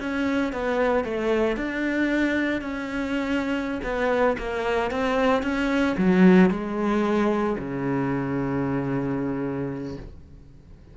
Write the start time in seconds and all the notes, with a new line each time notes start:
0.00 C#4
0.53 B3
1.05 A3
1.57 D4
2.62 C#4
3.84 B3
4.38 A#3
4.91 C4
5.43 C#4
5.98 F#3
6.51 G#3
7.59 C#3